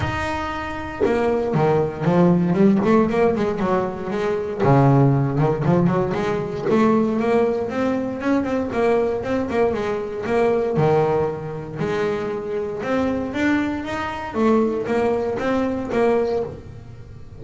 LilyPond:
\new Staff \with { instrumentName = "double bass" } { \time 4/4 \tempo 4 = 117 dis'2 ais4 dis4 | f4 g8 a8 ais8 gis8 fis4 | gis4 cis4. dis8 f8 fis8 | gis4 a4 ais4 c'4 |
cis'8 c'8 ais4 c'8 ais8 gis4 | ais4 dis2 gis4~ | gis4 c'4 d'4 dis'4 | a4 ais4 c'4 ais4 | }